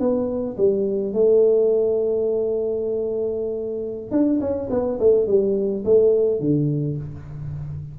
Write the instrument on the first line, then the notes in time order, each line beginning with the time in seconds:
tuba
0.00 B3
0.58 G3
1.14 A3
4.12 D4
4.41 C#4
4.71 B3
5.00 A3
5.28 G3
5.85 A3
6.40 D3